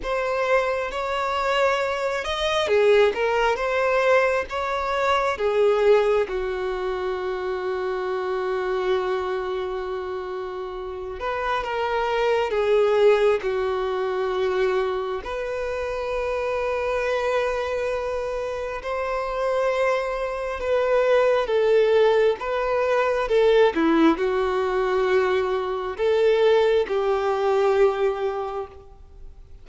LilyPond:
\new Staff \with { instrumentName = "violin" } { \time 4/4 \tempo 4 = 67 c''4 cis''4. dis''8 gis'8 ais'8 | c''4 cis''4 gis'4 fis'4~ | fis'1~ | fis'8 b'8 ais'4 gis'4 fis'4~ |
fis'4 b'2.~ | b'4 c''2 b'4 | a'4 b'4 a'8 e'8 fis'4~ | fis'4 a'4 g'2 | }